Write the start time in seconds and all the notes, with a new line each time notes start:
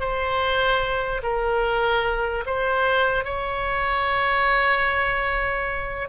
0.00 C5
1.23 A#4
2.46 C5
3.24 C#5